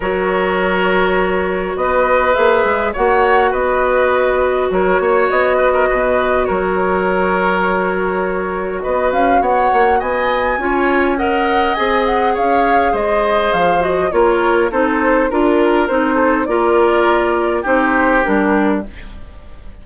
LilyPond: <<
  \new Staff \with { instrumentName = "flute" } { \time 4/4 \tempo 4 = 102 cis''2. dis''4 | e''4 fis''4 dis''2 | cis''4 dis''2 cis''4~ | cis''2. dis''8 f''8 |
fis''4 gis''2 fis''4 | gis''8 fis''8 f''4 dis''4 f''8 dis''8 | cis''4 c''4 ais'4 c''4 | d''2 c''4 ais'4 | }
  \new Staff \with { instrumentName = "oboe" } { \time 4/4 ais'2. b'4~ | b'4 cis''4 b'2 | ais'8 cis''4 b'16 ais'16 b'4 ais'4~ | ais'2. b'4 |
cis''4 dis''4 cis''4 dis''4~ | dis''4 cis''4 c''2 | ais'4 a'4 ais'4. a'8 | ais'2 g'2 | }
  \new Staff \with { instrumentName = "clarinet" } { \time 4/4 fis'1 | gis'4 fis'2.~ | fis'1~ | fis'1~ |
fis'2 f'4 ais'4 | gis'2.~ gis'8 fis'8 | f'4 dis'4 f'4 dis'4 | f'2 dis'4 d'4 | }
  \new Staff \with { instrumentName = "bassoon" } { \time 4/4 fis2. b4 | ais8 gis8 ais4 b2 | fis8 ais8 b4 b,4 fis4~ | fis2. b8 cis'8 |
b8 ais8 b4 cis'2 | c'4 cis'4 gis4 f4 | ais4 c'4 d'4 c'4 | ais2 c'4 g4 | }
>>